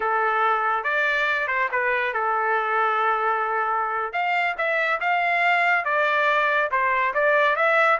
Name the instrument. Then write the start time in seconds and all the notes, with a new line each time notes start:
trumpet
0.00 A4
0.83 D5
1.47 C5
1.71 B4
2.13 A4
4.13 F5
4.57 E5
5.00 F5
5.85 D5
6.71 C5
7.14 D5
7.56 E5